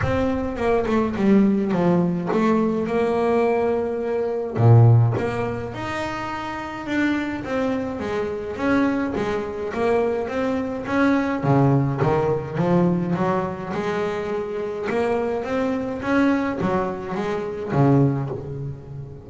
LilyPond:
\new Staff \with { instrumentName = "double bass" } { \time 4/4 \tempo 4 = 105 c'4 ais8 a8 g4 f4 | a4 ais2. | ais,4 ais4 dis'2 | d'4 c'4 gis4 cis'4 |
gis4 ais4 c'4 cis'4 | cis4 dis4 f4 fis4 | gis2 ais4 c'4 | cis'4 fis4 gis4 cis4 | }